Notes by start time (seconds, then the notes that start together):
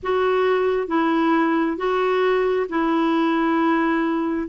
0.02 F#4
0.87 E4
1.77 F#4
2.69 E4